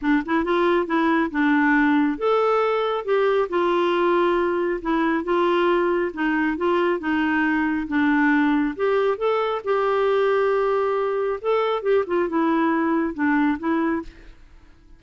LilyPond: \new Staff \with { instrumentName = "clarinet" } { \time 4/4 \tempo 4 = 137 d'8 e'8 f'4 e'4 d'4~ | d'4 a'2 g'4 | f'2. e'4 | f'2 dis'4 f'4 |
dis'2 d'2 | g'4 a'4 g'2~ | g'2 a'4 g'8 f'8 | e'2 d'4 e'4 | }